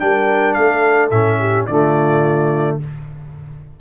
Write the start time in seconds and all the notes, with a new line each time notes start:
0.00 G3 D4 A#4 G5
0.54 A3 A4 F5
1.11 A2 C#4 E5
1.40 G4
1.67 D3 A3 F4 D5